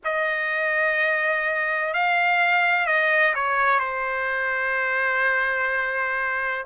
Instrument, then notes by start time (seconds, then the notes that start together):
trumpet
0.04 D#5
1.93 F5
2.86 D#5
3.34 C#5
3.79 C5